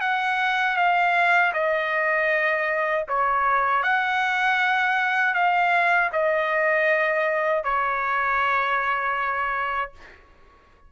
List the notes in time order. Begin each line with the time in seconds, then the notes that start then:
0.00 F#5
0.76 F5
1.53 D#5
3.08 C#5
3.83 F#5
5.34 F5
6.12 D#5
7.64 C#5